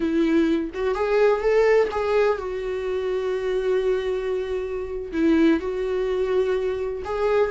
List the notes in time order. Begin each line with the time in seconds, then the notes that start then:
0.00 E4
0.74 F#4
0.94 G#4
1.40 A4
1.91 G#4
2.38 F#4
5.12 E4
5.60 F#4
7.04 G#4